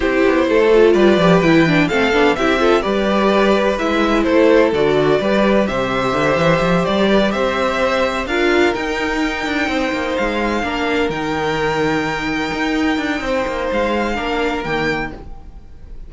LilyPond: <<
  \new Staff \with { instrumentName = "violin" } { \time 4/4 \tempo 4 = 127 c''2 d''4 g''4 | f''4 e''4 d''2 | e''4 c''4 d''2 | e''2~ e''8 d''4 e''8~ |
e''4. f''4 g''4.~ | g''4. f''2 g''8~ | g''1~ | g''4 f''2 g''4 | }
  \new Staff \with { instrumentName = "violin" } { \time 4/4 g'4 a'4 b'2 | a'4 g'8 a'8 b'2~ | b'4 a'2 b'4 | c''2. b'8 c''8~ |
c''4. ais'2~ ais'8~ | ais'8 c''2 ais'4.~ | ais'1 | c''2 ais'2 | }
  \new Staff \with { instrumentName = "viola" } { \time 4/4 e'4. f'4 g'8 e'8 d'8 | c'8 d'8 e'8 f'8 g'2 | e'2 fis'4 g'4~ | g'1~ |
g'4. f'4 dis'4.~ | dis'2~ dis'8 d'4 dis'8~ | dis'1~ | dis'2 d'4 ais4 | }
  \new Staff \with { instrumentName = "cello" } { \time 4/4 c'8 b8 a4 g8 f8 e4 | a8 b8 c'4 g2 | gis4 a4 d4 g4 | c4 d8 e8 f8 g4 c'8~ |
c'4. d'4 dis'4. | d'8 c'8 ais8 gis4 ais4 dis8~ | dis2~ dis8 dis'4 d'8 | c'8 ais8 gis4 ais4 dis4 | }
>>